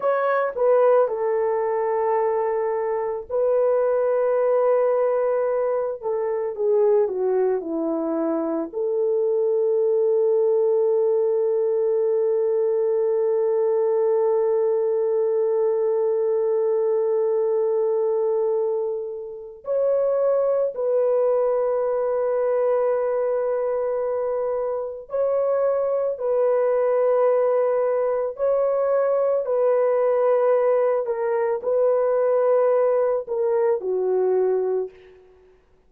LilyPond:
\new Staff \with { instrumentName = "horn" } { \time 4/4 \tempo 4 = 55 cis''8 b'8 a'2 b'4~ | b'4. a'8 gis'8 fis'8 e'4 | a'1~ | a'1~ |
a'2 cis''4 b'4~ | b'2. cis''4 | b'2 cis''4 b'4~ | b'8 ais'8 b'4. ais'8 fis'4 | }